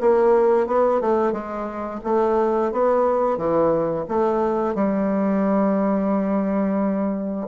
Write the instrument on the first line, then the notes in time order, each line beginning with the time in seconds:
bassoon
0.00 A#3
0.67 B3
1.00 A3
1.32 G#3
2.04 A3
2.71 B3
3.37 E3
4.08 A3
4.75 G3